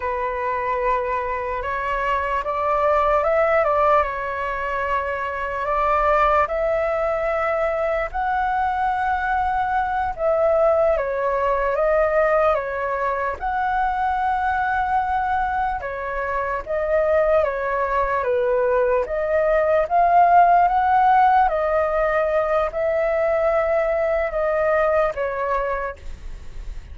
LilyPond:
\new Staff \with { instrumentName = "flute" } { \time 4/4 \tempo 4 = 74 b'2 cis''4 d''4 | e''8 d''8 cis''2 d''4 | e''2 fis''2~ | fis''8 e''4 cis''4 dis''4 cis''8~ |
cis''8 fis''2. cis''8~ | cis''8 dis''4 cis''4 b'4 dis''8~ | dis''8 f''4 fis''4 dis''4. | e''2 dis''4 cis''4 | }